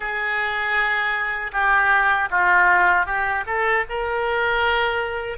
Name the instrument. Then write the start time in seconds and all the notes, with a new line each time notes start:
oboe
0.00 G#4
1.52 G4
2.30 F4
3.06 G4
3.46 A4
3.88 A#4